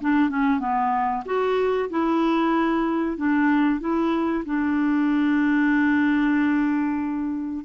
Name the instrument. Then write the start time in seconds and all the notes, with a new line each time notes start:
clarinet
0.00 D4
0.29 C#4
0.59 B3
1.25 F#4
1.89 E4
3.17 D4
3.80 E4
4.45 D4